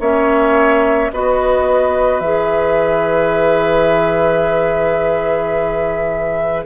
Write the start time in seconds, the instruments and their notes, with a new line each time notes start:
0.00 bassoon A#3, clarinet C#4, oboe C#5, flute E5
1.12 bassoon B3, clarinet F#4, oboe B4, flute D#5
2.20 bassoon E3, clarinet G#4, flute E5